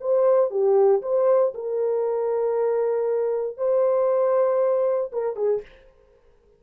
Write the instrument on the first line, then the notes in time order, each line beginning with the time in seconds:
horn
0.00 C5
0.50 G4
1.02 C5
1.54 A#4
3.57 C5
5.12 A#4
5.36 G#4